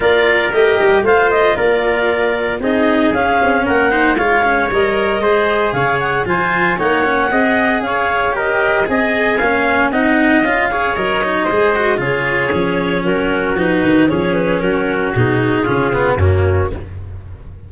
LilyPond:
<<
  \new Staff \with { instrumentName = "clarinet" } { \time 4/4 \tempo 4 = 115 d''4 dis''4 f''8 dis''8 d''4~ | d''4 dis''4 f''4 fis''4 | f''4 dis''2 f''8 fis''8 | gis''4 fis''2 f''4 |
dis''4 gis''2 fis''4 | f''4 dis''2 cis''4~ | cis''4 ais'4 b'4 cis''8 b'8 | ais'4 gis'2 fis'4 | }
  \new Staff \with { instrumentName = "trumpet" } { \time 4/4 ais'2 c''4 ais'4~ | ais'4 gis'2 ais'8 c''8 | cis''2 c''4 cis''4 | c''4 cis''4 dis''4 cis''4 |
ais'4 dis''4 f''4 dis''4~ | dis''8 cis''4. c''4 gis'4~ | gis'4 fis'2 gis'4 | fis'2 f'4 cis'4 | }
  \new Staff \with { instrumentName = "cello" } { \time 4/4 f'4 g'4 f'2~ | f'4 dis'4 cis'4. dis'8 | f'8 cis'8 ais'4 gis'2 | f'4 dis'8 cis'8 gis'2 |
g'4 gis'4 cis'4 dis'4 | f'8 gis'8 ais'8 dis'8 gis'8 fis'8 f'4 | cis'2 dis'4 cis'4~ | cis'4 dis'4 cis'8 b8 ais4 | }
  \new Staff \with { instrumentName = "tuba" } { \time 4/4 ais4 a8 g8 a4 ais4~ | ais4 c'4 cis'8 c'8 ais4 | gis4 g4 gis4 cis4 | f4 ais4 c'4 cis'4~ |
cis'4 c'4 ais4 c'4 | cis'4 fis4 gis4 cis4 | f4 fis4 f8 dis8 f4 | fis4 b,4 cis4 fis,4 | }
>>